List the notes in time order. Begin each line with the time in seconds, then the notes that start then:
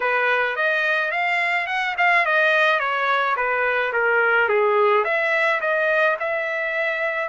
0.00 B4
0.56 D#5
1.11 F5
1.67 F#5
1.97 F5
2.25 D#5
2.79 C#5
3.36 B4
3.93 A#4
4.48 G#4
5.04 E5
5.60 D#5
6.19 E5